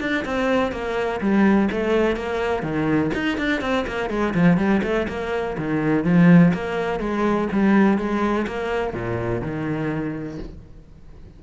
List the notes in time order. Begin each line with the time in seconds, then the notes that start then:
0.00 D4
0.25 C4
0.71 A#3
1.20 G3
1.71 A3
2.16 A#3
2.62 D#3
3.14 D#4
3.37 D4
3.61 C4
3.87 A#3
4.09 G#3
4.34 F3
4.57 G3
4.83 A3
5.08 A#3
5.58 D#3
6.04 F3
6.53 A#3
6.99 G#3
7.52 G3
7.98 G#3
8.47 A#3
8.93 A#2
9.41 D#3